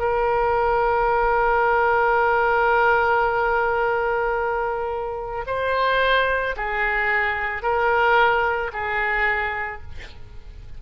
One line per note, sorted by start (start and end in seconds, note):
0.00 5.45 A#4
5.47 6.56 C5
6.57 7.63 G#4
7.63 8.72 A#4
8.73 9.82 G#4